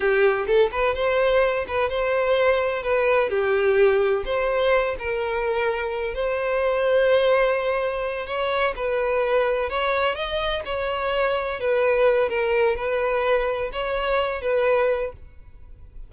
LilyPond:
\new Staff \with { instrumentName = "violin" } { \time 4/4 \tempo 4 = 127 g'4 a'8 b'8 c''4. b'8 | c''2 b'4 g'4~ | g'4 c''4. ais'4.~ | ais'4 c''2.~ |
c''4. cis''4 b'4.~ | b'8 cis''4 dis''4 cis''4.~ | cis''8 b'4. ais'4 b'4~ | b'4 cis''4. b'4. | }